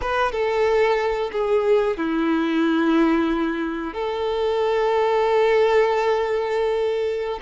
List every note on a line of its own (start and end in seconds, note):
0.01 0.31 B4
0.31 1.30 A4
1.32 1.97 G#4
1.97 3.93 E4
3.93 7.39 A4